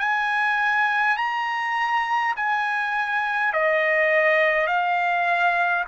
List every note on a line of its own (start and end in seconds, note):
0.00 1.18 G#5
1.18 2.35 A#5
2.37 3.53 G#5
3.53 4.67 D#5
4.67 5.85 F5